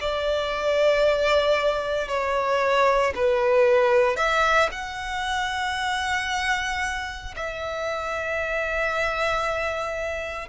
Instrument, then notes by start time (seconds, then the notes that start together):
violin
0.00 D5
2.08 C#5
3.15 B4
4.16 E5
4.71 F#5
7.35 E5